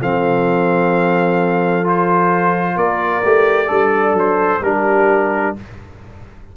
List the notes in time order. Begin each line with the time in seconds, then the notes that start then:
0.00 F3 C4 A4 F5
1.84 F4 C5
2.76 A#3 A#4 D5
3.24 A3 G4
3.67 G3 D4 A4
4.13 F#3 C5
4.61 G3 D4 G4 A#4